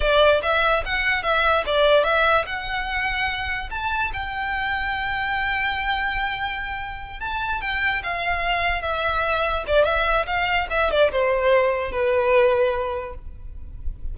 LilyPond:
\new Staff \with { instrumentName = "violin" } { \time 4/4 \tempo 4 = 146 d''4 e''4 fis''4 e''4 | d''4 e''4 fis''2~ | fis''4 a''4 g''2~ | g''1~ |
g''4. a''4 g''4 f''8~ | f''4. e''2 d''8 | e''4 f''4 e''8 d''8 c''4~ | c''4 b'2. | }